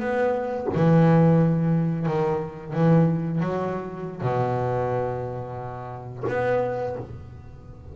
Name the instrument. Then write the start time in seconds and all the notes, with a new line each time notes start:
double bass
0.00 B3
0.75 E3
2.06 D#3
2.74 E3
3.41 F#3
4.22 B2
6.29 B3